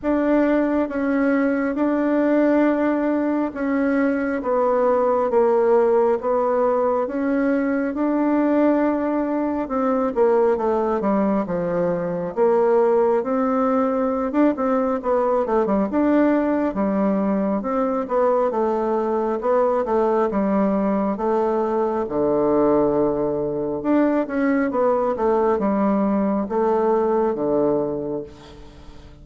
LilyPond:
\new Staff \with { instrumentName = "bassoon" } { \time 4/4 \tempo 4 = 68 d'4 cis'4 d'2 | cis'4 b4 ais4 b4 | cis'4 d'2 c'8 ais8 | a8 g8 f4 ais4 c'4~ |
c'16 d'16 c'8 b8 a16 g16 d'4 g4 | c'8 b8 a4 b8 a8 g4 | a4 d2 d'8 cis'8 | b8 a8 g4 a4 d4 | }